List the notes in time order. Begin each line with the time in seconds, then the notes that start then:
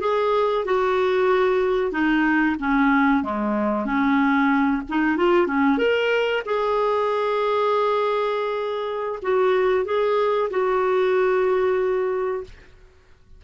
0.00 G#4
0.65 F#4
1.91 D#4
2.59 C#4
3.23 G#3
3.85 C#4
4.89 D#4
5.17 F4
5.47 C#4
5.78 A#4
6.45 G#4
9.22 F#4
9.85 G#4
10.50 F#4